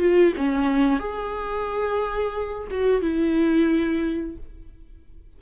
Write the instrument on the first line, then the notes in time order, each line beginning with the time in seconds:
viola
0.00 F4
0.37 C#4
1.00 G#4
2.71 F#4
3.02 E4